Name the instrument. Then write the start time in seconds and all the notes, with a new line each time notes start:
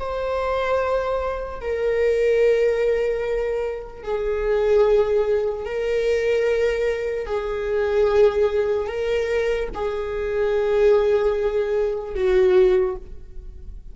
viola
0.00 C5
1.61 A#4
4.03 G#4
5.65 A#4
7.26 G#4
8.87 A#4
9.74 G#4
12.15 F#4